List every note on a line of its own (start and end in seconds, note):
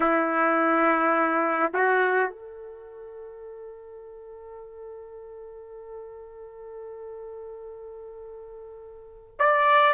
0.00 1.71 E4
1.73 2.29 F#4
2.29 9.36 A4
9.39 9.93 D5